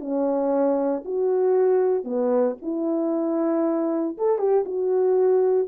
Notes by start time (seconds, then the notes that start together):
0.00 C#4
1.05 F#4
2.04 B3
2.62 E4
4.18 A4
4.38 G4
4.65 F#4